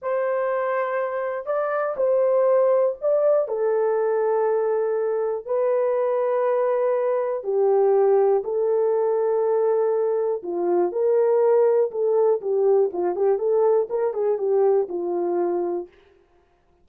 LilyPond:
\new Staff \with { instrumentName = "horn" } { \time 4/4 \tempo 4 = 121 c''2. d''4 | c''2 d''4 a'4~ | a'2. b'4~ | b'2. g'4~ |
g'4 a'2.~ | a'4 f'4 ais'2 | a'4 g'4 f'8 g'8 a'4 | ais'8 gis'8 g'4 f'2 | }